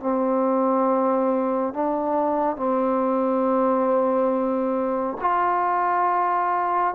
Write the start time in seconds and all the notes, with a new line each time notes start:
0.00 C4
1.74 D4
2.57 C4
5.21 F4